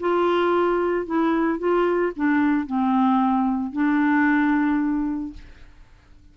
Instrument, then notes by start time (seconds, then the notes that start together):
clarinet
0.00 F4
1.06 E4
1.59 F4
2.16 D4
2.66 C4
3.72 D4